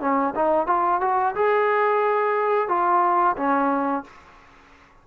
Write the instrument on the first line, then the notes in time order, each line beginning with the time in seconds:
trombone
0.00 C#4
0.35 D#4
0.66 F4
1.01 F#4
1.35 G#4
2.68 F4
3.36 C#4